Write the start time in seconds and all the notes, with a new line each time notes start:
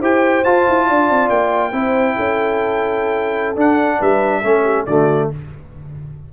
0.00 E4 G4 C5 G5
0.44 F4 A5
0.69 E4
0.86 D4 D5
1.10 C4
1.30 A#3 G5
1.73 C4 E4 C5
2.16 C#4 A4
3.56 D4 F#5
3.99 G3 B4 E5
4.41 A3 C#4 A4
4.64 G4
4.86 D3 A3 F#4 D5